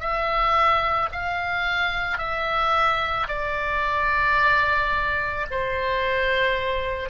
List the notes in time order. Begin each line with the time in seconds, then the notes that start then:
0.00 E5
1.12 F5
2.18 E5
3.28 D5
5.50 C5